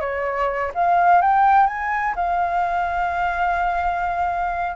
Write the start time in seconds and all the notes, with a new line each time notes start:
0.00 C#5
0.74 F5
1.21 G5
1.66 G#5
2.15 F5